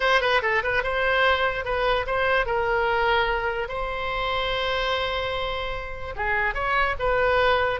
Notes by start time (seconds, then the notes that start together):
0.00 C5
0.21 B4
0.42 A4
0.63 B4
0.83 C5
1.64 B4
2.06 C5
2.46 A#4
3.68 C5
6.16 G#4
6.54 C#5
6.99 B4